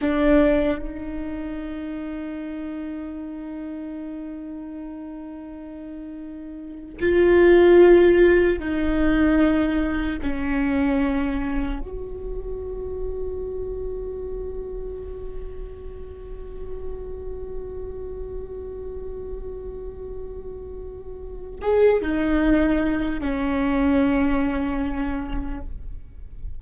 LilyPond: \new Staff \with { instrumentName = "viola" } { \time 4/4 \tempo 4 = 75 d'4 dis'2.~ | dis'1~ | dis'8. f'2 dis'4~ dis'16~ | dis'8. cis'2 fis'4~ fis'16~ |
fis'1~ | fis'1~ | fis'2. gis'8 dis'8~ | dis'4 cis'2. | }